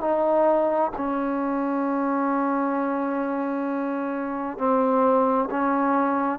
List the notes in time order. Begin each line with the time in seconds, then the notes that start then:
0.00 D#4
0.96 C#4
4.57 C4
5.50 C#4